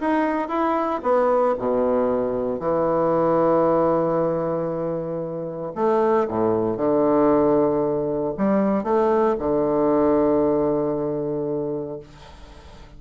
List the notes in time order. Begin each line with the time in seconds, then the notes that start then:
0.00 D#4
0.48 E4
1.02 B3
1.58 B2
2.59 E3
5.75 A3
6.28 A2
6.77 D3
8.37 G3
8.83 A3
9.39 D3